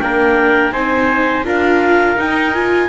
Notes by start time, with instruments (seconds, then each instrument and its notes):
0.00 double bass A#3, viola D4, trumpet A#4, clarinet G5
0.72 double bass C4, viola D#4, trumpet C5, clarinet G#5
1.45 double bass D4, viola F4, trumpet A#4, clarinet F5
2.17 viola D#4, double bass D#4, clarinet G5
2.54 viola F4, clarinet G#5